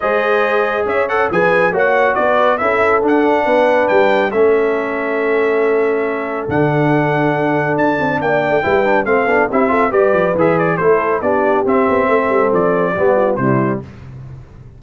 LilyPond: <<
  \new Staff \with { instrumentName = "trumpet" } { \time 4/4 \tempo 4 = 139 dis''2 e''8 fis''8 gis''4 | fis''4 d''4 e''4 fis''4~ | fis''4 g''4 e''2~ | e''2. fis''4~ |
fis''2 a''4 g''4~ | g''4 f''4 e''4 d''4 | e''8 d''8 c''4 d''4 e''4~ | e''4 d''2 c''4 | }
  \new Staff \with { instrumentName = "horn" } { \time 4/4 c''2 cis''4 b'4 | cis''4 b'4 a'2 | b'2 a'2~ | a'1~ |
a'2. d''4 | b'4 a'4 g'8 a'8 b'4~ | b'4 a'4 g'2 | a'2 g'8 f'8 e'4 | }
  \new Staff \with { instrumentName = "trombone" } { \time 4/4 gis'2~ gis'8 a'8 gis'4 | fis'2 e'4 d'4~ | d'2 cis'2~ | cis'2. d'4~ |
d'1 | e'8 d'8 c'8 d'8 e'8 f'8 g'4 | gis'4 e'4 d'4 c'4~ | c'2 b4 g4 | }
  \new Staff \with { instrumentName = "tuba" } { \time 4/4 gis2 cis'4 f4 | ais4 b4 cis'4 d'4 | b4 g4 a2~ | a2. d4~ |
d2 d'8 c'8 ais8. a16 | g4 a8 b8 c'4 g8 f8 | e4 a4 b4 c'8 b8 | a8 g8 f4 g4 c4 | }
>>